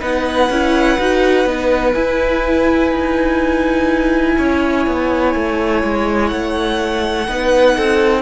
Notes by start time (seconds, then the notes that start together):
0.00 B3 D#4 B4 F#5
0.50 C#4 E4
0.99 D#4 F#4
1.46 B3 D#4
1.93 E4 G#5
2.92 D#4
4.38 C#4 C#5
4.87 B3
5.35 A3
5.84 G#3
6.28 A3 F#5
7.28 B3 D#4 B4
7.76 C4 A4